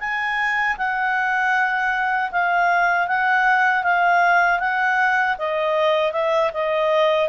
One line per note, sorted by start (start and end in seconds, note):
0.00 0.77 G#5
0.78 2.31 F#5
2.32 3.08 F5
3.08 3.84 F#5
3.84 4.60 F5
4.60 5.37 F#5
5.39 6.13 D#5
6.13 6.51 E5
6.54 7.29 D#5